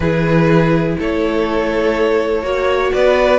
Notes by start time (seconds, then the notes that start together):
0.00 E3 E4 G#4 B4
0.98 A3 A4 C#5
2.42 A#3 F#4 C#5
2.93 B3 B4 D5